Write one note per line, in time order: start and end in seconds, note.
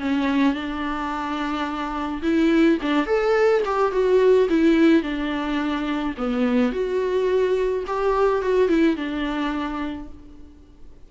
0.00 0.54 C#4
0.54 2.22 D4
2.22 2.78 E4
2.82 3.06 D4
3.06 3.62 A4
3.65 3.92 G4
3.92 4.48 F#4
4.49 5.03 E4
5.03 6.15 D4
6.17 6.72 B3
6.72 7.84 F#4
7.87 8.42 G4
8.42 8.69 F#4
8.69 8.96 E4
8.96 10.09 D4